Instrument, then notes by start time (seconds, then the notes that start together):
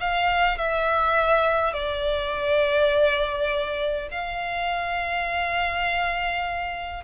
violin
0.00 F5
0.58 E5
1.73 D5
4.11 F5